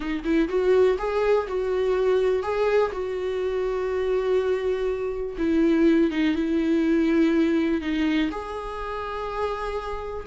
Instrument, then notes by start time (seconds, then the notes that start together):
viola
0.00 D#4
0.24 E4
0.48 F#4
0.98 G#4
1.47 F#4
2.42 G#4
2.92 F#4
5.38 E4
6.10 D#4
6.35 E4
7.81 D#4
8.31 G#4